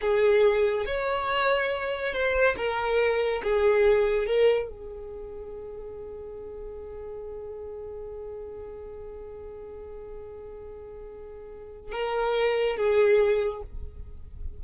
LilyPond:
\new Staff \with { instrumentName = "violin" } { \time 4/4 \tempo 4 = 141 gis'2 cis''2~ | cis''4 c''4 ais'2 | gis'2 ais'4 gis'4~ | gis'1~ |
gis'1~ | gis'1~ | gis'1 | ais'2 gis'2 | }